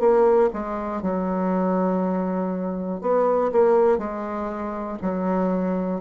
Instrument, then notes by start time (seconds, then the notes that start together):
bassoon
0.00 A#3
0.53 G#3
1.02 F#3
3.01 B3
3.52 A#3
3.98 G#3
5.02 F#3